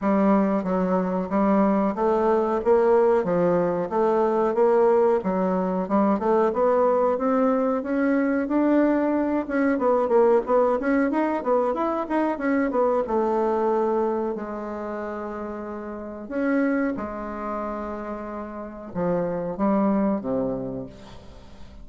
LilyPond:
\new Staff \with { instrumentName = "bassoon" } { \time 4/4 \tempo 4 = 92 g4 fis4 g4 a4 | ais4 f4 a4 ais4 | fis4 g8 a8 b4 c'4 | cis'4 d'4. cis'8 b8 ais8 |
b8 cis'8 dis'8 b8 e'8 dis'8 cis'8 b8 | a2 gis2~ | gis4 cis'4 gis2~ | gis4 f4 g4 c4 | }